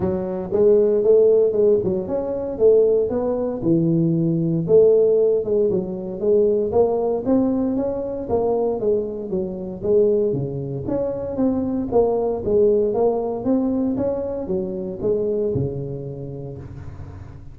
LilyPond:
\new Staff \with { instrumentName = "tuba" } { \time 4/4 \tempo 4 = 116 fis4 gis4 a4 gis8 fis8 | cis'4 a4 b4 e4~ | e4 a4. gis8 fis4 | gis4 ais4 c'4 cis'4 |
ais4 gis4 fis4 gis4 | cis4 cis'4 c'4 ais4 | gis4 ais4 c'4 cis'4 | fis4 gis4 cis2 | }